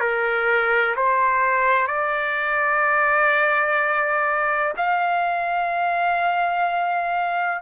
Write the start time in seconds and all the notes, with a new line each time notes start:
0.00 A#4
0.96 C5
1.87 D5
4.77 F5